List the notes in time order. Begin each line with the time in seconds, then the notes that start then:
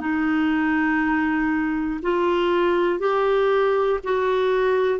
0.00 D#4
2.02 F4
2.99 G4
4.04 F#4